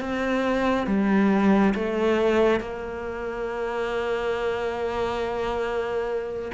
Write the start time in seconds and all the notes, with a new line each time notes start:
0.00 C4
0.87 G3
1.74 A3
2.60 A#3